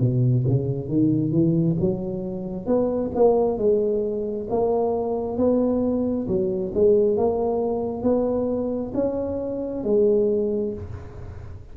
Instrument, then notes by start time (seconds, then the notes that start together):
tuba
0.00 B2
0.47 C#3
0.88 D#3
1.31 E3
1.80 F#3
2.66 B3
3.15 A#3
3.58 G#3
4.50 A#3
5.38 B3
6.27 F#3
6.74 G#3
7.17 A#3
8.03 B3
8.94 C#4
9.83 G#3